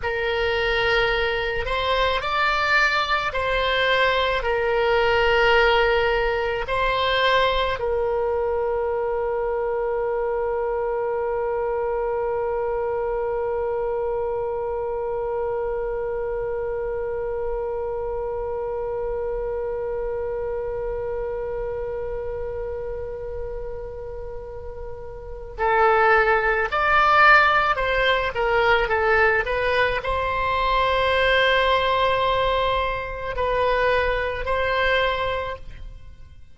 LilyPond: \new Staff \with { instrumentName = "oboe" } { \time 4/4 \tempo 4 = 54 ais'4. c''8 d''4 c''4 | ais'2 c''4 ais'4~ | ais'1~ | ais'1~ |
ais'1~ | ais'2. a'4 | d''4 c''8 ais'8 a'8 b'8 c''4~ | c''2 b'4 c''4 | }